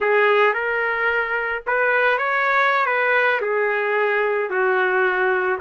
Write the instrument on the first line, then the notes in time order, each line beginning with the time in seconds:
trumpet
0.00 G#4
0.53 A#4
1.66 B4
2.17 C#5
2.85 B4
3.41 G#4
4.50 F#4